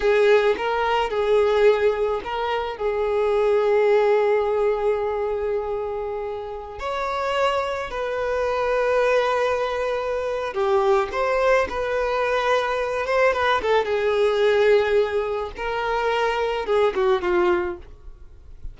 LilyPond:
\new Staff \with { instrumentName = "violin" } { \time 4/4 \tempo 4 = 108 gis'4 ais'4 gis'2 | ais'4 gis'2.~ | gis'1~ | gis'16 cis''2 b'4.~ b'16~ |
b'2. g'4 | c''4 b'2~ b'8 c''8 | b'8 a'8 gis'2. | ais'2 gis'8 fis'8 f'4 | }